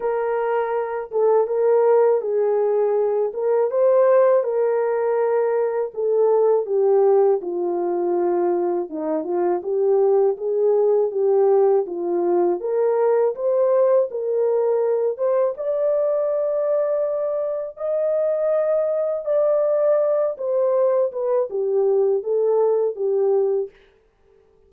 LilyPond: \new Staff \with { instrumentName = "horn" } { \time 4/4 \tempo 4 = 81 ais'4. a'8 ais'4 gis'4~ | gis'8 ais'8 c''4 ais'2 | a'4 g'4 f'2 | dis'8 f'8 g'4 gis'4 g'4 |
f'4 ais'4 c''4 ais'4~ | ais'8 c''8 d''2. | dis''2 d''4. c''8~ | c''8 b'8 g'4 a'4 g'4 | }